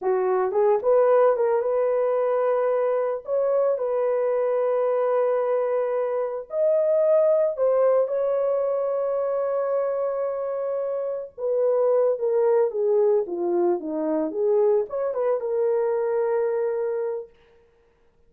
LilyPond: \new Staff \with { instrumentName = "horn" } { \time 4/4 \tempo 4 = 111 fis'4 gis'8 b'4 ais'8 b'4~ | b'2 cis''4 b'4~ | b'1 | dis''2 c''4 cis''4~ |
cis''1~ | cis''4 b'4. ais'4 gis'8~ | gis'8 f'4 dis'4 gis'4 cis''8 | b'8 ais'2.~ ais'8 | }